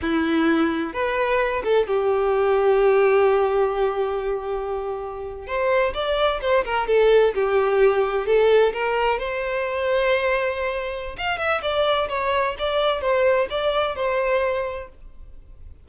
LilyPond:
\new Staff \with { instrumentName = "violin" } { \time 4/4 \tempo 4 = 129 e'2 b'4. a'8 | g'1~ | g'2.~ g'8. c''16~ | c''8. d''4 c''8 ais'8 a'4 g'16~ |
g'4.~ g'16 a'4 ais'4 c''16~ | c''1 | f''8 e''8 d''4 cis''4 d''4 | c''4 d''4 c''2 | }